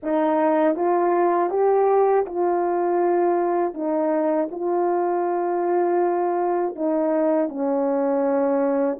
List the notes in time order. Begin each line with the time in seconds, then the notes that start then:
0.02 D#4
0.75 F4
1.50 G4
2.26 F4
3.73 D#4
4.51 F4
6.75 D#4
7.48 C#4